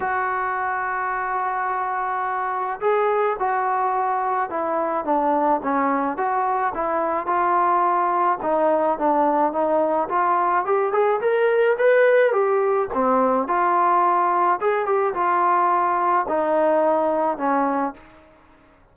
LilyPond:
\new Staff \with { instrumentName = "trombone" } { \time 4/4 \tempo 4 = 107 fis'1~ | fis'4 gis'4 fis'2 | e'4 d'4 cis'4 fis'4 | e'4 f'2 dis'4 |
d'4 dis'4 f'4 g'8 gis'8 | ais'4 b'4 g'4 c'4 | f'2 gis'8 g'8 f'4~ | f'4 dis'2 cis'4 | }